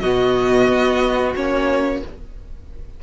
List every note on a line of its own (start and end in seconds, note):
0.00 0.68 B2
0.00 1.36 B3
0.00 2.01 F#4
0.00 1.33 D#5
0.68 1.35 B3
1.36 2.03 A#3
1.36 2.03 C#4
1.36 2.03 C#5